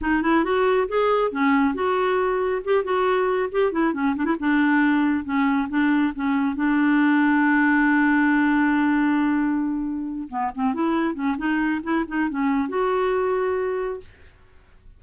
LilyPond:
\new Staff \with { instrumentName = "clarinet" } { \time 4/4 \tempo 4 = 137 dis'8 e'8 fis'4 gis'4 cis'4 | fis'2 g'8 fis'4. | g'8 e'8 cis'8 d'16 e'16 d'2 | cis'4 d'4 cis'4 d'4~ |
d'1~ | d'2.~ d'8 b8 | c'8 e'4 cis'8 dis'4 e'8 dis'8 | cis'4 fis'2. | }